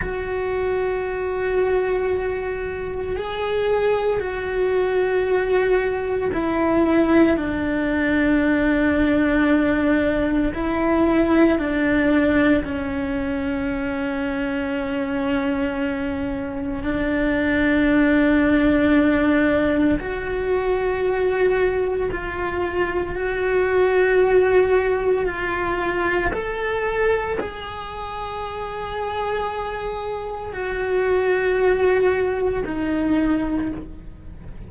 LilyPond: \new Staff \with { instrumentName = "cello" } { \time 4/4 \tempo 4 = 57 fis'2. gis'4 | fis'2 e'4 d'4~ | d'2 e'4 d'4 | cis'1 |
d'2. fis'4~ | fis'4 f'4 fis'2 | f'4 a'4 gis'2~ | gis'4 fis'2 dis'4 | }